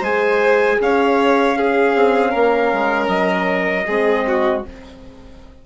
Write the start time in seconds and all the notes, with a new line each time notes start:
0.00 G#3 G#4 C5 G#5
0.81 C#4 C#5 F5
1.58 C#4 G#4
1.95 C4
2.31 A#3 A#4
2.73 G#3
3.08 F#3 D#5
3.87 G#3 C4 G#4
4.28 F#4